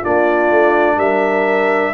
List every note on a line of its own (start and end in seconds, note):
0.00 1.94 D4
0.00 0.95 F4
0.00 0.99 D5
0.06 0.50 A#3
0.50 0.97 A3
0.97 1.92 G3
0.97 1.92 A#4
0.97 1.94 E5